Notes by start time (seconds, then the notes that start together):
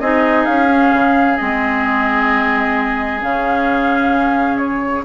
0.00 C4 D#4 G#4 D#5
0.45 C#4 F5
0.68 C#4
0.93 C#3
1.37 G#3 C4 D#5
3.20 C#3 C#4 F5
4.58 C#5